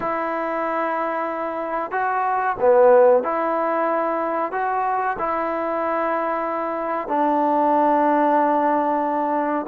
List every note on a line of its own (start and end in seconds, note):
0.00 1.91 E4
1.91 2.55 F#4
2.60 3.23 B3
3.23 4.52 E4
4.52 5.16 F#4
5.18 7.08 E4
7.08 9.66 D4